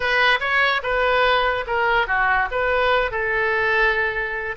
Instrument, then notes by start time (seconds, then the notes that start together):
oboe
0.00 B4
0.40 C#5
0.82 B4
1.66 A#4
2.07 F#4
2.51 B4
3.11 A4